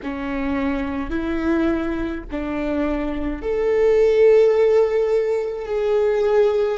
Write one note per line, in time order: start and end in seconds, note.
0.03 1.10 C#4
1.10 2.23 E4
2.31 3.42 D4
3.42 5.66 A4
5.66 6.78 G#4